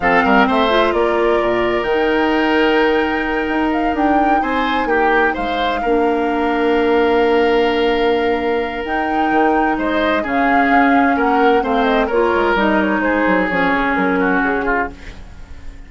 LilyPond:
<<
  \new Staff \with { instrumentName = "flute" } { \time 4/4 \tempo 4 = 129 f''4 e''4 d''2 | g''1 | f''8 g''4 gis''4 g''4 f''8~ | f''1~ |
f''2. g''4~ | g''4 dis''4 f''2 | fis''4 f''8 dis''8 cis''4 dis''8 cis''8 | c''4 cis''4 ais'4 gis'4 | }
  \new Staff \with { instrumentName = "oboe" } { \time 4/4 a'8 ais'8 c''4 ais'2~ | ais'1~ | ais'4. c''4 g'4 c''8~ | c''8 ais'2.~ ais'8~ |
ais'1~ | ais'4 c''4 gis'2 | ais'4 c''4 ais'2 | gis'2~ gis'8 fis'4 f'8 | }
  \new Staff \with { instrumentName = "clarinet" } { \time 4/4 c'4. f'2~ f'8 | dis'1~ | dis'1~ | dis'8 d'2.~ d'8~ |
d'2. dis'4~ | dis'2 cis'2~ | cis'4 c'4 f'4 dis'4~ | dis'4 cis'2. | }
  \new Staff \with { instrumentName = "bassoon" } { \time 4/4 f8 g8 a4 ais4 ais,4 | dis2.~ dis8 dis'8~ | dis'8 d'4 c'4 ais4 gis8~ | gis8 ais2.~ ais8~ |
ais2. dis'4 | dis4 gis4 cis4 cis'4 | ais4 a4 ais8 gis8 g4 | gis8 fis8 f8 cis8 fis4 cis4 | }
>>